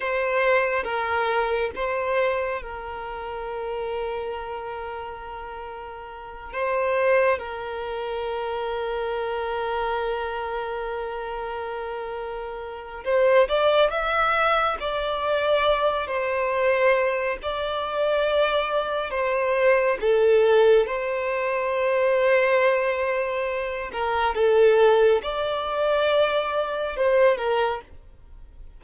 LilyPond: \new Staff \with { instrumentName = "violin" } { \time 4/4 \tempo 4 = 69 c''4 ais'4 c''4 ais'4~ | ais'2.~ ais'8 c''8~ | c''8 ais'2.~ ais'8~ | ais'2. c''8 d''8 |
e''4 d''4. c''4. | d''2 c''4 a'4 | c''2.~ c''8 ais'8 | a'4 d''2 c''8 ais'8 | }